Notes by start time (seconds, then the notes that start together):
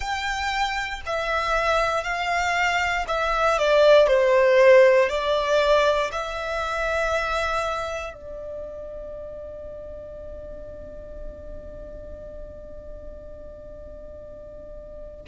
0.00 G5
1.06 E5
2.03 F5
3.07 E5
3.58 D5
4.07 C5
5.08 D5
6.12 E5
8.14 D5